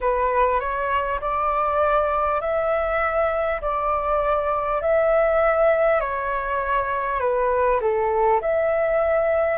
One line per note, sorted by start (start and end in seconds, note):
0.01 0.59 B4
0.59 1.19 C#5
1.21 2.41 D5
2.41 3.61 E5
3.61 4.81 D5
4.81 6.00 E5
6.00 7.19 C#5
7.19 7.79 B4
7.80 8.40 A4
8.41 9.58 E5